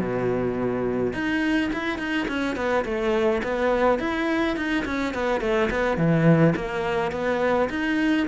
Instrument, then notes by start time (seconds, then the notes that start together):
cello
0.00 B2
1.14 D#4
1.74 E4
1.99 D#4
2.29 C#4
2.56 B3
2.85 A3
3.44 B3
4.00 E4
4.57 D#4
4.86 C#4
5.15 B3
5.41 A3
5.71 B3
5.98 E3
6.56 A#3
7.12 B3
7.70 D#4